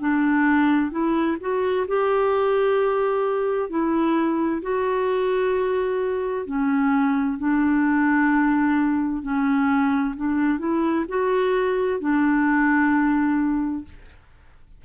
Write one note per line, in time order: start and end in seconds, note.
0.00 0.91 D4
0.91 1.38 E4
1.41 1.87 F#4
1.88 3.70 G4
3.70 4.62 E4
4.62 6.46 F#4
6.46 7.38 C#4
7.39 9.23 D4
9.23 10.15 C#4
10.16 10.59 D4
10.59 11.05 E4
11.09 12.00 F#4
12.00 13.85 D4